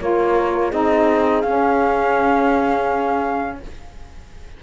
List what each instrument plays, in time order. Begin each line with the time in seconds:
0.00 cello A#3, saxophone F4, horn A#4, flute C#5
0.68 cello C4, saxophone D#4, horn G#4, flute D#5
1.41 cello C#4, saxophone C#4, flute F5